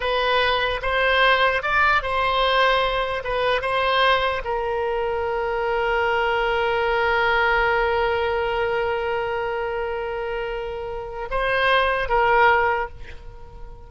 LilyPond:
\new Staff \with { instrumentName = "oboe" } { \time 4/4 \tempo 4 = 149 b'2 c''2 | d''4 c''2. | b'4 c''2 ais'4~ | ais'1~ |
ais'1~ | ais'1~ | ais'1 | c''2 ais'2 | }